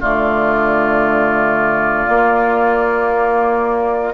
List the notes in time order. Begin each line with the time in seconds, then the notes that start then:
0.00 D3 A3 F4 D5
2.05 A#3